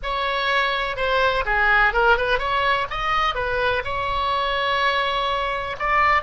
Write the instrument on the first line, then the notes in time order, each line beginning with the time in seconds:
oboe
0.02 C#5
0.96 C5
1.45 G#4
1.93 A#4
2.17 B4
2.38 C#5
2.90 D#5
3.34 B4
3.84 C#5
5.79 D5